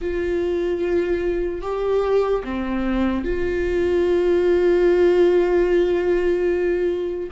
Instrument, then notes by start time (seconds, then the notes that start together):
viola
0.01 F4
1.61 G4
2.44 C4
3.24 F4